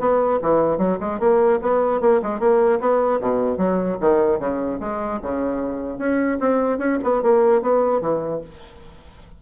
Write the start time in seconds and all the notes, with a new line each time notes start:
0.00 B3
0.43 E3
0.78 F#3
1.00 G#3
1.20 A#3
1.62 B3
2.01 A#3
2.23 G#3
2.40 A#3
2.80 B3
3.21 B2
3.58 F#3
4.01 D#3
4.39 C#3
4.80 G#3
5.23 C#3
5.99 C#4
6.40 C4
6.79 C#4
7.04 B3
7.23 A#3
7.62 B3
8.01 E3